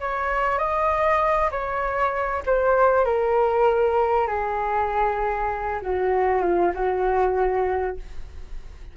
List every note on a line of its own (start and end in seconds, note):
0.00 0.58 C#5
0.58 1.50 D#5
1.51 2.43 C#5
2.46 3.04 C5
3.04 4.27 A#4
4.27 5.80 G#4
5.81 6.41 F#4
6.41 6.72 F4
6.74 7.97 F#4